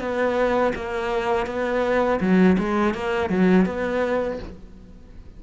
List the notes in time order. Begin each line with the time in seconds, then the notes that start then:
0.00 B3
0.75 A#3
1.47 B3
2.21 F#3
2.59 G#3
2.95 A#3
3.30 F#3
3.66 B3